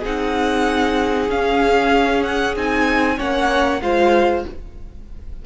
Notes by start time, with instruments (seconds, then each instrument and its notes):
0.00 cello C4, viola D#4, violin G#4
0.06 violin F#5
1.30 cello C#4, viola C#4, violin F5
2.23 violin F#5
2.56 cello C4, viola D#4, violin G#5
3.18 cello A#3, viola C#4, violin C#5 F#5
3.82 cello G#3, viola F4, violin C5 F5